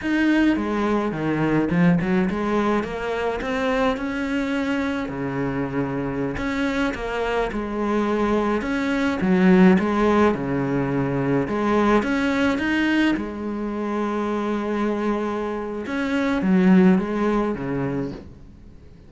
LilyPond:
\new Staff \with { instrumentName = "cello" } { \time 4/4 \tempo 4 = 106 dis'4 gis4 dis4 f8 fis8 | gis4 ais4 c'4 cis'4~ | cis'4 cis2~ cis16 cis'8.~ | cis'16 ais4 gis2 cis'8.~ |
cis'16 fis4 gis4 cis4.~ cis16~ | cis16 gis4 cis'4 dis'4 gis8.~ | gis1 | cis'4 fis4 gis4 cis4 | }